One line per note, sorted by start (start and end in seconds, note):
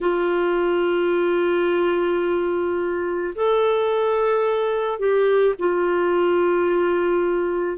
0.00 3.33 F4
3.35 4.98 A4
4.98 5.54 G4
5.59 7.78 F4